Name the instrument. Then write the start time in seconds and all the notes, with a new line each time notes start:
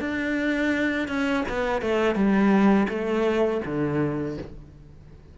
cello
0.00 D4
1.08 C#4
1.49 B3
1.82 A3
2.15 G3
2.89 A3
3.65 D3